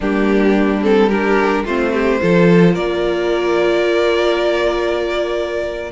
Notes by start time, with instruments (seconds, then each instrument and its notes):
0.00 cello G3, viola A#3, violin D4 G4
0.82 viola C4, violin A4
1.08 viola D4, violin G4 A#4
1.64 cello A3, viola C4, violin F4 C5
1.93 violin G4
2.19 cello F3, viola F4, violin A4
2.73 cello A#3, violin A#4 D5